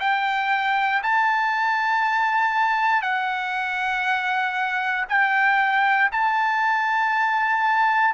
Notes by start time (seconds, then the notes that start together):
0.00 G5
1.03 A5
3.02 F#5
5.08 G5
6.12 A5